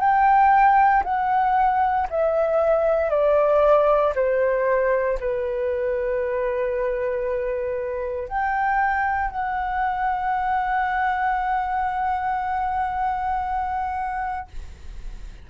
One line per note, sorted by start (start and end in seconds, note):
0.00 1.03 G5
1.04 2.07 F#5
2.10 3.10 E5
3.10 4.14 D5
4.15 5.19 C5
5.20 8.28 B4
8.28 9.31 G5
9.31 14.48 F#5